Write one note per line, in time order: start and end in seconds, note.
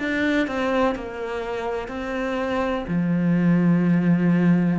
0.00 0.48 D4
0.48 0.95 C4
0.95 1.88 A#3
1.88 2.85 C4
2.88 4.79 F3